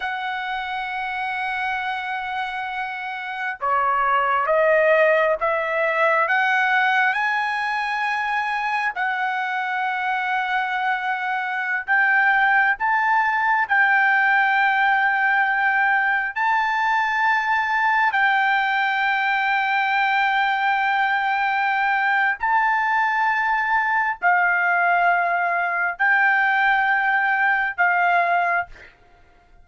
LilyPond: \new Staff \with { instrumentName = "trumpet" } { \time 4/4 \tempo 4 = 67 fis''1 | cis''4 dis''4 e''4 fis''4 | gis''2 fis''2~ | fis''4~ fis''16 g''4 a''4 g''8.~ |
g''2~ g''16 a''4.~ a''16~ | a''16 g''2.~ g''8.~ | g''4 a''2 f''4~ | f''4 g''2 f''4 | }